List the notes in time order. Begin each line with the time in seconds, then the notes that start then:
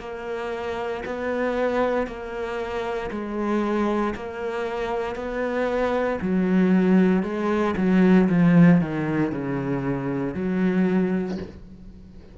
0.00 A#3
1.05 B3
2.07 A#3
3.11 G#3
4.15 A#3
5.16 B3
6.22 F#3
7.23 G#3
7.77 F#3
8.29 F3
8.81 D#3
9.32 C#3
10.34 F#3